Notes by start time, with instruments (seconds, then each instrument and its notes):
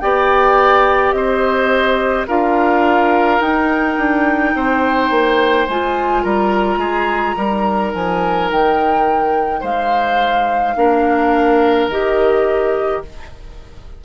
0.00 bassoon B3, clarinet G4, oboe D5, flute G5
1.12 bassoon C4, oboe C5, flute D#5
2.28 bassoon D4, clarinet F4, oboe A#4, flute F5
3.41 bassoon D#4, clarinet D#4, flute G5
3.98 bassoon D4
4.55 bassoon C4, oboe C5
5.11 bassoon A#3
5.68 bassoon G#3, clarinet F4, flute G#5
6.24 bassoon G3, oboe A#4, flute A#5
6.77 bassoon G#3, oboe G#4
7.37 bassoon G3, clarinet D#4, oboe A#4
7.94 bassoon F3, flute G#5
8.51 bassoon D#3, flute G5
9.61 bassoon G#3, oboe C5, flute F5
10.77 bassoon A#3, clarinet D4, oboe A#4
11.88 bassoon D#3, clarinet G4, flute D#5